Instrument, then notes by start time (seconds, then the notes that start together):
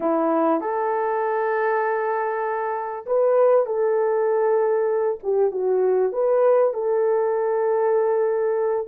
horn
0.00 E4
0.60 A4
3.06 B4
3.65 A4
5.23 G4
5.51 F#4
6.12 B4
6.73 A4